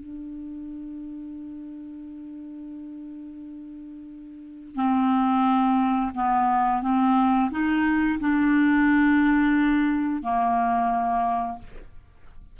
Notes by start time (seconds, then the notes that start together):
0.00 D4
4.75 C4
6.15 B3
6.82 C4
7.51 D#4
8.20 D4
10.23 A#3